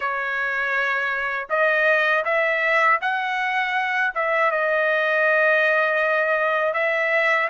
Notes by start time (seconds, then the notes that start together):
0.00 C#5
1.49 D#5
2.24 E5
3.01 F#5
4.14 E5
4.51 D#5
6.73 E5